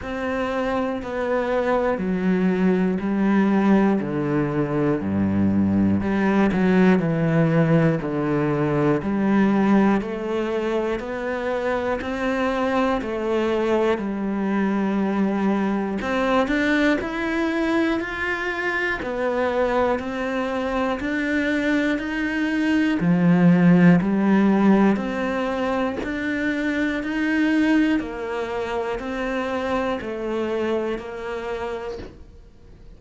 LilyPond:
\new Staff \with { instrumentName = "cello" } { \time 4/4 \tempo 4 = 60 c'4 b4 fis4 g4 | d4 g,4 g8 fis8 e4 | d4 g4 a4 b4 | c'4 a4 g2 |
c'8 d'8 e'4 f'4 b4 | c'4 d'4 dis'4 f4 | g4 c'4 d'4 dis'4 | ais4 c'4 a4 ais4 | }